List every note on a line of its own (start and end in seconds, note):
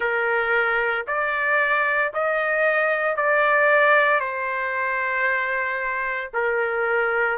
0.00 1.05 A#4
1.07 2.12 D5
2.13 3.16 D#5
3.16 4.20 D5
4.20 6.30 C5
6.33 7.38 A#4